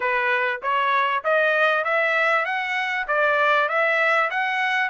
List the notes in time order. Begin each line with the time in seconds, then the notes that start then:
0.00 B4
0.62 C#5
1.24 D#5
1.84 E5
2.45 F#5
3.07 D5
3.68 E5
4.30 F#5